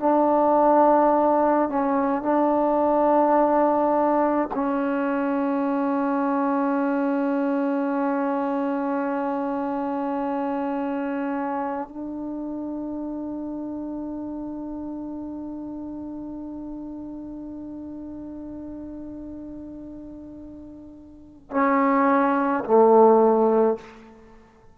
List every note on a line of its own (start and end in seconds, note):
0.00 1.69 D4
1.69 2.23 C#4
2.23 4.49 D4
4.55 11.89 C#4
11.89 21.51 D4
21.51 22.64 C#4
22.65 23.78 A3